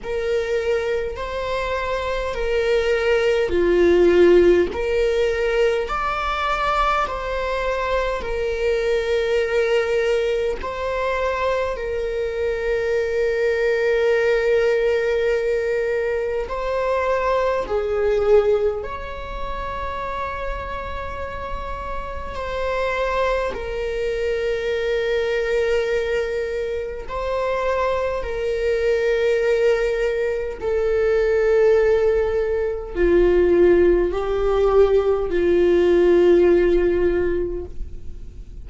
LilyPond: \new Staff \with { instrumentName = "viola" } { \time 4/4 \tempo 4 = 51 ais'4 c''4 ais'4 f'4 | ais'4 d''4 c''4 ais'4~ | ais'4 c''4 ais'2~ | ais'2 c''4 gis'4 |
cis''2. c''4 | ais'2. c''4 | ais'2 a'2 | f'4 g'4 f'2 | }